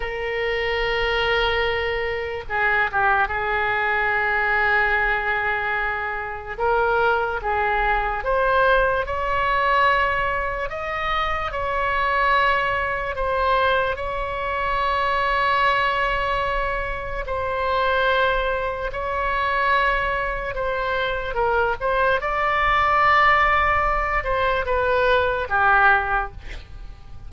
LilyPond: \new Staff \with { instrumentName = "oboe" } { \time 4/4 \tempo 4 = 73 ais'2. gis'8 g'8 | gis'1 | ais'4 gis'4 c''4 cis''4~ | cis''4 dis''4 cis''2 |
c''4 cis''2.~ | cis''4 c''2 cis''4~ | cis''4 c''4 ais'8 c''8 d''4~ | d''4. c''8 b'4 g'4 | }